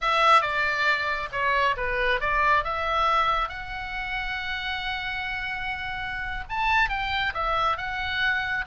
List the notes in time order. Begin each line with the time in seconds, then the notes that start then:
0.01 E5
0.41 D5
1.31 C#5
1.76 B4
2.20 D5
2.64 E5
3.48 F#5
6.49 A5
6.89 G5
7.34 E5
7.77 F#5